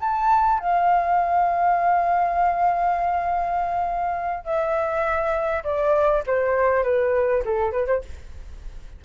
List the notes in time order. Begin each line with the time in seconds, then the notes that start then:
0.00 A5
0.59 F5
4.44 E5
5.64 D5
6.27 C5
6.83 B4
7.45 A4
7.71 B4
7.86 C5